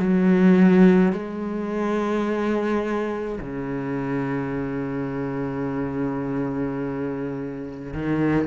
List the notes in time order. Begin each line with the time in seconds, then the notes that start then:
0.00 F#3
1.13 G#3
3.41 C#3
7.94 D#3